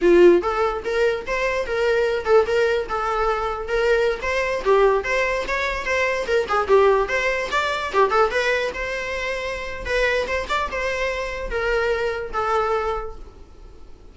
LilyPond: \new Staff \with { instrumentName = "viola" } { \time 4/4 \tempo 4 = 146 f'4 a'4 ais'4 c''4 | ais'4. a'8 ais'4 a'4~ | a'4 ais'4~ ais'16 c''4 g'8.~ | g'16 c''4 cis''4 c''4 ais'8 gis'16~ |
gis'16 g'4 c''4 d''4 g'8 a'16~ | a'16 b'4 c''2~ c''8. | b'4 c''8 d''8 c''2 | ais'2 a'2 | }